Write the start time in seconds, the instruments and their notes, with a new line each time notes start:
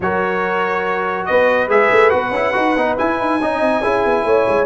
0.00 tuba F#3, trombone F#4, horn A#4, trumpet C#5
1.25 tuba B3, horn B4, trumpet D#5
1.68 tuba G#3, trombone G#4, trumpet E5
1.91 tuba A3
2.10 tuba B3, trombone F#4, trumpet F#5
2.31 tuba C#4, trombone E4
2.53 tuba D#4, trombone F#4
2.77 tuba B3, trombone D#4
2.97 trombone E4, tuba E4, trumpet G#5
3.20 tuba D#4
3.41 tuba C#4, trombone D#4, horn D#5
3.60 tuba C4
3.81 tuba C#4, trombone E4, horn G#4
4.05 tuba B3
4.24 tuba A3, horn C#5
4.48 tuba G#3